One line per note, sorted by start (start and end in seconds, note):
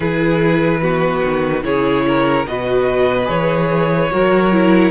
0.00 1.22 E3
0.00 0.82 E4
0.00 0.80 G#4
0.00 1.63 B4
0.81 1.63 B3
0.81 1.63 F#4
1.24 1.63 D#3
1.63 2.45 C#3
1.63 2.45 E4
1.63 2.05 G#4
1.63 2.46 C#5
2.07 2.48 A#4
2.46 3.28 B2
2.46 3.25 F#4
2.46 4.12 B4
2.46 3.28 D#5
3.25 4.11 E3
3.25 4.07 G#4
3.25 4.91 C#5
4.11 4.91 F#3
4.11 4.52 F#4
4.11 4.91 A#4
4.52 4.91 E4